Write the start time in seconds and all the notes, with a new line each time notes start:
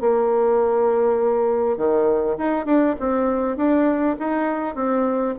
0.00 A#3
1.77 D#3
2.37 D#4
2.65 D4
2.99 C4
3.56 D4
4.19 D#4
4.75 C4